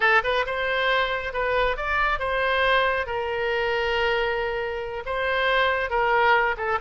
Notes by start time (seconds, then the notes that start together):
0.00 A4
0.23 B4
0.46 C5
1.33 B4
1.76 D5
2.19 C5
3.06 A#4
5.05 C5
5.90 A#4
6.57 A4